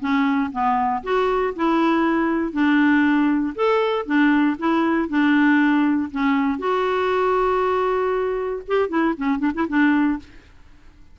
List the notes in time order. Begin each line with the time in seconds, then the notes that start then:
0.00 C#4
0.52 B3
1.03 F#4
1.56 E4
2.52 D4
3.55 A4
4.06 D4
4.59 E4
5.09 D4
6.11 C#4
6.59 F#4
8.68 G4
8.89 E4
9.17 C#4
9.39 D4
9.55 E4
9.68 D4